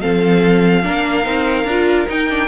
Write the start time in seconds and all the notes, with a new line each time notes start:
0.00 F3 C4 A4 F5
0.82 A#3 D4 A#4
1.23 C4 D#4
1.64 D4 F4
2.07 D#4 G5
2.29 D4